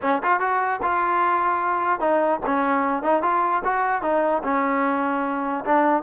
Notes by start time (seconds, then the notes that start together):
0.02 C#4
0.23 F4
0.40 F#4
0.82 F4
2.00 D#4
2.46 C#4
3.02 D#4
3.22 F4
3.64 F#4
4.02 D#4
4.43 C#4
5.64 D4